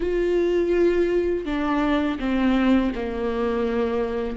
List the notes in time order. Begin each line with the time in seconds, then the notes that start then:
0.00 F4
1.45 D4
2.19 C4
2.95 A#3